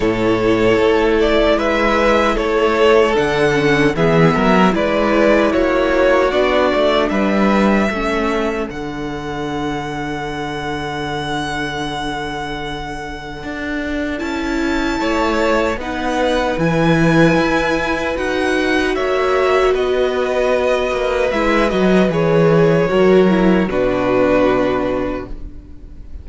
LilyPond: <<
  \new Staff \with { instrumentName = "violin" } { \time 4/4 \tempo 4 = 76 cis''4. d''8 e''4 cis''4 | fis''4 e''4 d''4 cis''4 | d''4 e''2 fis''4~ | fis''1~ |
fis''2 a''2 | fis''4 gis''2 fis''4 | e''4 dis''2 e''8 dis''8 | cis''2 b'2 | }
  \new Staff \with { instrumentName = "violin" } { \time 4/4 a'2 b'4 a'4~ | a'4 gis'8 ais'8 b'4 fis'4~ | fis'4 b'4 a'2~ | a'1~ |
a'2. cis''4 | b'1 | cis''4 b'2.~ | b'4 ais'4 fis'2 | }
  \new Staff \with { instrumentName = "viola" } { \time 4/4 e'1 | d'8 cis'8 b4 e'2 | d'2 cis'4 d'4~ | d'1~ |
d'2 e'2 | dis'4 e'2 fis'4~ | fis'2. e'8 fis'8 | gis'4 fis'8 e'8 d'2 | }
  \new Staff \with { instrumentName = "cello" } { \time 4/4 a,4 a4 gis4 a4 | d4 e8 fis8 gis4 ais4 | b8 a8 g4 a4 d4~ | d1~ |
d4 d'4 cis'4 a4 | b4 e4 e'4 dis'4 | ais4 b4. ais8 gis8 fis8 | e4 fis4 b,2 | }
>>